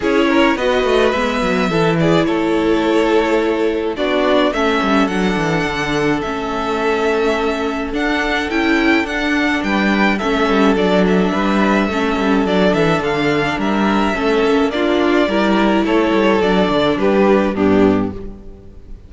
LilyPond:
<<
  \new Staff \with { instrumentName = "violin" } { \time 4/4 \tempo 4 = 106 cis''4 dis''4 e''4. d''8 | cis''2. d''4 | e''4 fis''2 e''4~ | e''2 fis''4 g''4 |
fis''4 g''4 e''4 d''8 e''8~ | e''2 d''8 e''8 f''4 | e''2 d''2 | cis''4 d''4 b'4 g'4 | }
  \new Staff \with { instrumentName = "violin" } { \time 4/4 gis'8 ais'8 b'2 a'8 gis'8 | a'2. fis'4 | a'1~ | a'1~ |
a'4 b'4 a'2 | b'4 a'2. | ais'4 a'4 f'4 ais'4 | a'2 g'4 d'4 | }
  \new Staff \with { instrumentName = "viola" } { \time 4/4 e'4 fis'4 b4 e'4~ | e'2. d'4 | cis'4 d'2 cis'4~ | cis'2 d'4 e'4 |
d'2 cis'4 d'4~ | d'4 cis'4 d'2~ | d'4 cis'4 d'4 e'4~ | e'4 d'2 b4 | }
  \new Staff \with { instrumentName = "cello" } { \time 4/4 cis'4 b8 a8 gis8 fis8 e4 | a2. b4 | a8 g8 fis8 e8 d4 a4~ | a2 d'4 cis'4 |
d'4 g4 a8 g8 fis4 | g4 a8 g8 fis8 e8 d4 | g4 a8 ais4. g4 | a8 g8 fis8 d8 g4 g,4 | }
>>